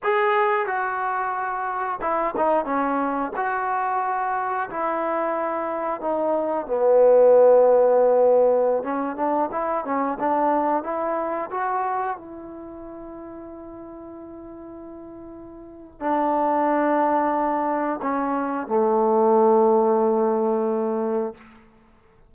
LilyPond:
\new Staff \with { instrumentName = "trombone" } { \time 4/4 \tempo 4 = 90 gis'4 fis'2 e'8 dis'8 | cis'4 fis'2 e'4~ | e'4 dis'4 b2~ | b4~ b16 cis'8 d'8 e'8 cis'8 d'8.~ |
d'16 e'4 fis'4 e'4.~ e'16~ | e'1 | d'2. cis'4 | a1 | }